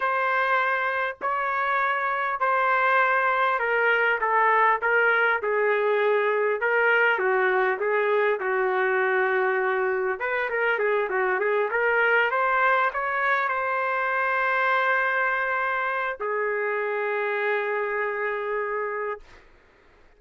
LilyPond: \new Staff \with { instrumentName = "trumpet" } { \time 4/4 \tempo 4 = 100 c''2 cis''2 | c''2 ais'4 a'4 | ais'4 gis'2 ais'4 | fis'4 gis'4 fis'2~ |
fis'4 b'8 ais'8 gis'8 fis'8 gis'8 ais'8~ | ais'8 c''4 cis''4 c''4.~ | c''2. gis'4~ | gis'1 | }